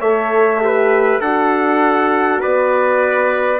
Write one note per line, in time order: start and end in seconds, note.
0.00 1.20 A3
0.00 0.61 A4
0.00 0.60 C#5
0.00 1.21 E5
0.61 1.21 G4
0.61 1.21 B4
1.20 2.40 D4
1.20 3.60 F#4
1.20 2.41 A4
1.20 2.41 F#5
2.41 3.60 B3
2.41 3.60 B4
2.41 3.60 D5